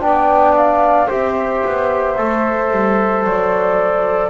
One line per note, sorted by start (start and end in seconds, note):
0.00 1.09 B3
0.00 1.07 D4
0.00 1.07 D5
0.00 0.55 G5
0.57 1.10 F5
1.07 1.64 C4
1.07 2.16 G4
1.07 4.29 C5
1.07 3.24 E5
1.65 2.18 B3
2.17 2.71 A3
2.17 4.30 A4
2.71 3.25 G3
3.24 4.30 F#3
3.24 4.30 D5